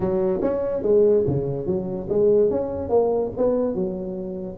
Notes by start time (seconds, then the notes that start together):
0.00 F#3
0.41 C#4
0.82 G#3
1.26 C#3
1.66 F#3
2.09 G#3
2.50 C#4
2.89 A#3
3.37 B3
3.74 F#3